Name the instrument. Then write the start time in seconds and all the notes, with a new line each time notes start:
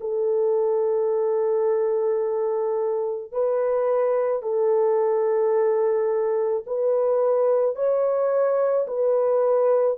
horn
0.00 A4
3.32 B4
4.42 A4
6.66 B4
7.75 C#5
8.87 B4